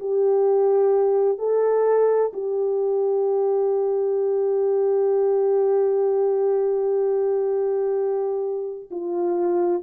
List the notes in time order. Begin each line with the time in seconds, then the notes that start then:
0.00 G4
1.39 A4
2.34 G4
8.91 F4